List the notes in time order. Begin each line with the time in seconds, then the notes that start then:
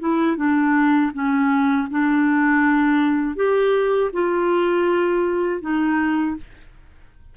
0.00 E4
0.37 D4
1.14 C#4
1.91 D4
3.36 G4
4.13 F4
5.62 D#4